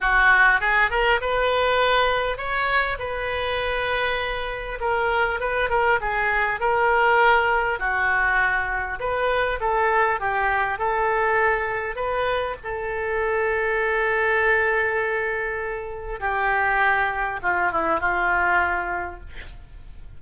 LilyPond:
\new Staff \with { instrumentName = "oboe" } { \time 4/4 \tempo 4 = 100 fis'4 gis'8 ais'8 b'2 | cis''4 b'2. | ais'4 b'8 ais'8 gis'4 ais'4~ | ais'4 fis'2 b'4 |
a'4 g'4 a'2 | b'4 a'2.~ | a'2. g'4~ | g'4 f'8 e'8 f'2 | }